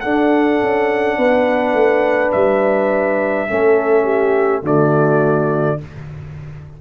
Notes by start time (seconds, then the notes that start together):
0.00 D4 A4 F#5
0.62 C#4
1.17 B3 B4
1.73 A3
2.32 G3 E5
3.48 A3 C#4 A4
4.03 G4
4.62 D3 A3 F#4 D5